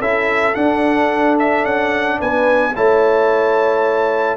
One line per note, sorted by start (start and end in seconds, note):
0.00 0.55 C#4
0.00 0.55 E4
0.00 2.18 A4
0.00 0.55 E5
0.55 2.73 D4
0.55 1.64 D4
0.55 1.37 F#5
1.40 1.66 E5
1.64 2.19 C#4
1.64 2.20 F#5
2.19 2.76 B3
2.19 2.73 B4
2.19 2.76 G#5
2.76 4.37 A3
2.76 4.37 E4
2.76 4.37 C#5
2.76 4.37 A5